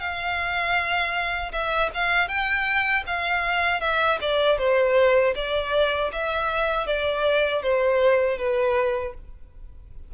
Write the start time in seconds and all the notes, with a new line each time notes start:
0.00 F5
1.52 E5
1.94 F5
2.28 G5
3.07 F5
3.80 E5
4.21 D5
4.58 C5
5.35 D5
6.12 E5
6.87 D5
7.63 C5
8.38 B4